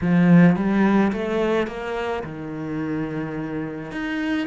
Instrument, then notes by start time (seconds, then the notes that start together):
cello
0.01 F3
0.56 G3
1.12 A3
1.67 A#3
2.23 D#3
3.91 D#4